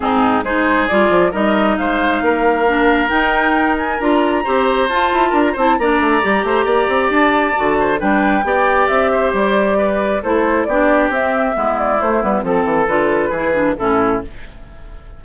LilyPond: <<
  \new Staff \with { instrumentName = "flute" } { \time 4/4 \tempo 4 = 135 gis'4 c''4 d''4 dis''4 | f''2. g''4~ | g''8 gis''8 ais''2 a''4~ | a''16 ais''16 a''8 ais''2. |
a''2 g''2 | e''4 d''2 c''4 | d''4 e''4. d''8 c''8 b'8 | a'4 b'2 a'4 | }
  \new Staff \with { instrumentName = "oboe" } { \time 4/4 dis'4 gis'2 ais'4 | c''4 ais'2.~ | ais'2 c''2 | ais'8 c''8 d''4. c''8 d''4~ |
d''4. c''8 b'4 d''4~ | d''8 c''4. b'4 a'4 | g'2 e'2 | a'2 gis'4 e'4 | }
  \new Staff \with { instrumentName = "clarinet" } { \time 4/4 c'4 dis'4 f'4 dis'4~ | dis'2 d'4 dis'4~ | dis'4 f'4 g'4 f'4~ | f'8 e'8 d'4 g'2~ |
g'4 fis'4 d'4 g'4~ | g'2. e'4 | d'4 c'4 b4 a8 b8 | c'4 f'4 e'8 d'8 cis'4 | }
  \new Staff \with { instrumentName = "bassoon" } { \time 4/4 gis,4 gis4 g8 f8 g4 | gis4 ais2 dis'4~ | dis'4 d'4 c'4 f'8 e'8 | d'8 c'8 ais8 a8 g8 a8 ais8 c'8 |
d'4 d4 g4 b4 | c'4 g2 a4 | b4 c'4 gis4 a8 g8 | f8 e8 d4 e4 a,4 | }
>>